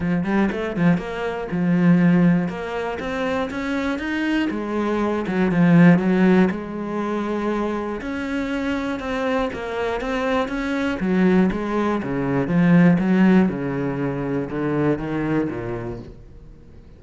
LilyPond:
\new Staff \with { instrumentName = "cello" } { \time 4/4 \tempo 4 = 120 f8 g8 a8 f8 ais4 f4~ | f4 ais4 c'4 cis'4 | dis'4 gis4. fis8 f4 | fis4 gis2. |
cis'2 c'4 ais4 | c'4 cis'4 fis4 gis4 | cis4 f4 fis4 cis4~ | cis4 d4 dis4 ais,4 | }